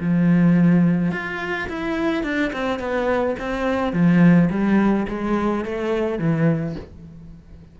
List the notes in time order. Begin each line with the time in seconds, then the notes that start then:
0.00 F3
1.12 F4
1.69 E4
2.23 D4
2.53 C4
2.79 B3
3.39 C4
3.93 F3
4.50 G3
5.08 G#3
5.65 A3
6.19 E3